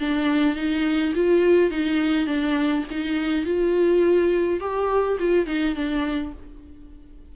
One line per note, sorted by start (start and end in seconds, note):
0.00 0.56 D4
0.56 1.14 D#4
1.15 1.70 F4
1.70 2.27 D#4
2.27 2.85 D4
2.91 3.45 D#4
3.45 4.60 F4
4.60 5.18 G4
5.19 5.46 F4
5.46 5.75 D#4
5.75 6.33 D4